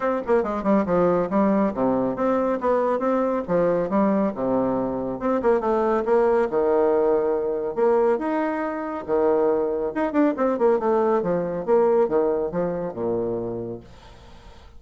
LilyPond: \new Staff \with { instrumentName = "bassoon" } { \time 4/4 \tempo 4 = 139 c'8 ais8 gis8 g8 f4 g4 | c4 c'4 b4 c'4 | f4 g4 c2 | c'8 ais8 a4 ais4 dis4~ |
dis2 ais4 dis'4~ | dis'4 dis2 dis'8 d'8 | c'8 ais8 a4 f4 ais4 | dis4 f4 ais,2 | }